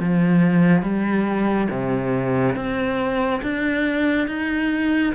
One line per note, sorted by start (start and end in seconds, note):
0.00 0.83 F3
0.83 1.69 G3
1.71 2.56 C3
2.56 3.42 C4
3.43 4.28 D4
4.28 5.14 D#4